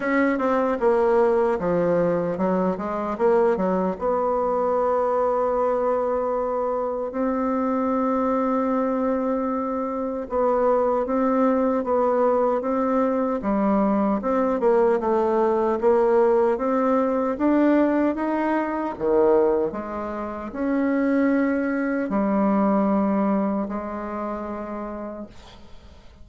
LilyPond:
\new Staff \with { instrumentName = "bassoon" } { \time 4/4 \tempo 4 = 76 cis'8 c'8 ais4 f4 fis8 gis8 | ais8 fis8 b2.~ | b4 c'2.~ | c'4 b4 c'4 b4 |
c'4 g4 c'8 ais8 a4 | ais4 c'4 d'4 dis'4 | dis4 gis4 cis'2 | g2 gis2 | }